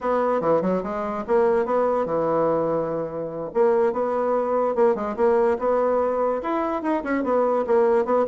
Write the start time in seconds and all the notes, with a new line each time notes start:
0.01 B3
0.40 E3
0.61 F#3
0.83 G#3
1.27 A#3
1.65 B3
2.05 E3
3.53 A#3
3.93 B3
4.75 A#3
4.95 G#3
5.16 A#3
5.58 B3
6.42 E4
6.82 D#4
7.03 C#4
7.23 B3
7.66 A#3
8.05 B3